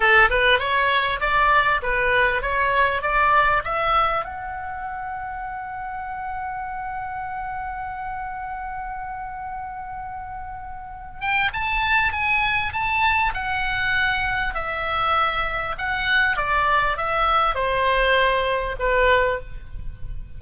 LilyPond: \new Staff \with { instrumentName = "oboe" } { \time 4/4 \tempo 4 = 99 a'8 b'8 cis''4 d''4 b'4 | cis''4 d''4 e''4 fis''4~ | fis''1~ | fis''1~ |
fis''2~ fis''8 g''8 a''4 | gis''4 a''4 fis''2 | e''2 fis''4 d''4 | e''4 c''2 b'4 | }